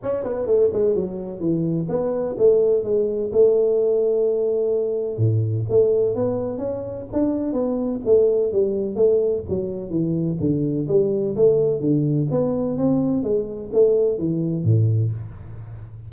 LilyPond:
\new Staff \with { instrumentName = "tuba" } { \time 4/4 \tempo 4 = 127 cis'8 b8 a8 gis8 fis4 e4 | b4 a4 gis4 a4~ | a2. a,4 | a4 b4 cis'4 d'4 |
b4 a4 g4 a4 | fis4 e4 d4 g4 | a4 d4 b4 c'4 | gis4 a4 e4 a,4 | }